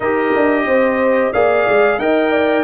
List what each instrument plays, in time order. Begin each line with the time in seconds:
0.00 tuba D#4, trombone G4, horn A#4, trumpet D#5
0.35 tuba D4
0.65 tuba C4, horn C5
1.32 tuba A#3, trombone G#4, horn D5, trumpet F5
1.68 tuba G#3
1.98 tuba D#4, trombone A#4, horn D#5, trumpet G5
2.31 horn D5